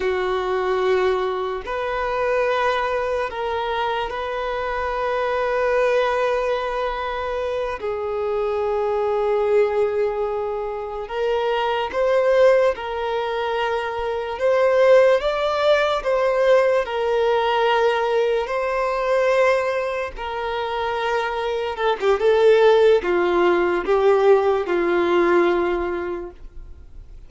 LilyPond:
\new Staff \with { instrumentName = "violin" } { \time 4/4 \tempo 4 = 73 fis'2 b'2 | ais'4 b'2.~ | b'4. gis'2~ gis'8~ | gis'4. ais'4 c''4 ais'8~ |
ais'4. c''4 d''4 c''8~ | c''8 ais'2 c''4.~ | c''8 ais'2 a'16 g'16 a'4 | f'4 g'4 f'2 | }